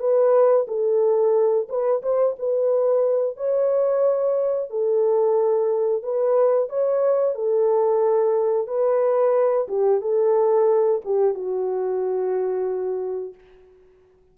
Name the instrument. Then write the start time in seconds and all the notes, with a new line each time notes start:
horn
0.00 B4
0.68 A4
1.69 B4
2.03 C5
2.39 B4
3.37 C#5
4.70 A4
6.03 B4
6.69 C#5
7.35 A4
8.68 B4
9.68 G4
10.02 A4
11.05 G4
11.35 F#4